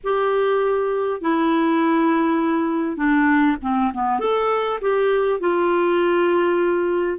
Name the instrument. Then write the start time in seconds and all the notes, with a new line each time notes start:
clarinet
0.03 G4
1.21 E4
2.96 D4
3.62 C4
3.93 B3
4.19 A4
4.81 G4
5.39 F4